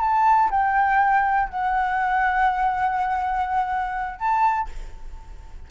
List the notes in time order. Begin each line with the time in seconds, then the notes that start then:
0.00 A5
0.51 G5
1.49 F#5
4.19 A5